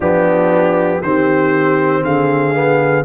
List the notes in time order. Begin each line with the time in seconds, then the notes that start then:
0.00 F3 B3 D4 G4
1.01 D#3 C4 G4 C5
2.03 D3 G#4 F5
2.54 B3